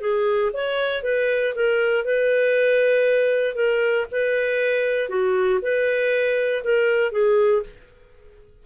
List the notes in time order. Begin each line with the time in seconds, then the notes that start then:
0.00 G#4
0.53 C#5
1.03 B4
1.55 A#4
2.04 B4
3.55 A#4
4.11 B4
5.08 F#4
5.61 B4
6.63 A#4
7.11 G#4